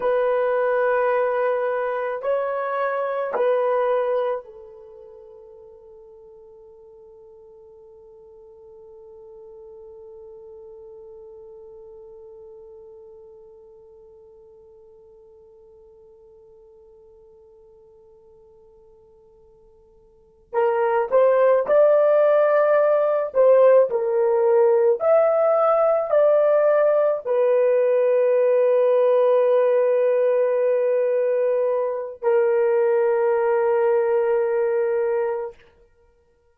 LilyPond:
\new Staff \with { instrumentName = "horn" } { \time 4/4 \tempo 4 = 54 b'2 cis''4 b'4 | a'1~ | a'1~ | a'1~ |
a'2~ a'8 ais'8 c''8 d''8~ | d''4 c''8 ais'4 e''4 d''8~ | d''8 b'2.~ b'8~ | b'4 ais'2. | }